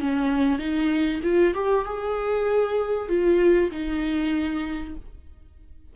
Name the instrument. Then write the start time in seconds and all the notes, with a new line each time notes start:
viola
0.00 C#4
0.58 D#4
1.23 F4
1.54 G4
1.85 G#4
3.08 F4
3.71 D#4